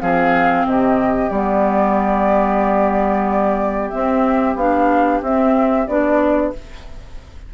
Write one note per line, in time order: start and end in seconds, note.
0.00 0.66 F3
0.00 1.30 C4
0.00 0.67 G#4
0.00 0.66 F5
0.66 1.31 C3
0.66 6.54 G4
0.66 1.30 D#5
1.30 3.91 G3
1.30 3.93 B3
1.30 3.90 D5
3.90 4.58 C4
3.90 4.55 C4
3.90 4.55 E5
4.55 5.21 B3
4.55 5.24 D4
4.55 5.22 F5
5.22 5.87 C4
5.22 5.88 C4
5.22 5.88 E5
5.88 6.54 B3
5.88 6.54 D4
5.88 6.53 D5